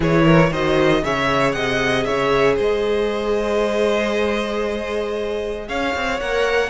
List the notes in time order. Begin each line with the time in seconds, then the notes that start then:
0.00 E3 E4 G#4 C#5
0.24 A#4
0.50 D#3 F#4 C5 D#5
1.03 C#3 G#4 C#5 E5
1.52 C3 D#5 F#5
2.04 C#3 C#5 E5
2.55 G#3 C5 D#5
5.68 C#4 C#5 F5
5.95 C4
6.20 A#3 A#4 F#5